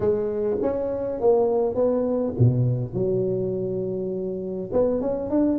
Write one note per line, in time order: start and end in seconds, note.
0.00 0.57 G#3
0.61 1.20 C#4
1.20 1.74 A#3
1.74 2.33 B3
2.38 2.93 B2
2.93 4.70 F#3
4.72 5.01 B3
5.01 5.30 C#4
5.30 5.58 D4